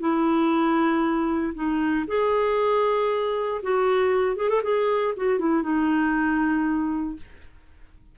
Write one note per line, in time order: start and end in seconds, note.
0.00 1.54 E4
1.54 2.06 D#4
2.08 3.62 G#4
3.63 4.36 F#4
4.36 4.49 G#4
4.49 4.62 A4
4.63 5.14 G#4
5.17 5.39 F#4
5.39 5.63 E4
5.63 7.17 D#4